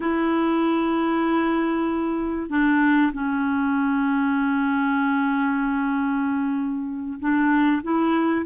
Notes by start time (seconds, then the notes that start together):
0.00 E4
2.49 D4
3.12 C#4
7.19 D4
7.83 E4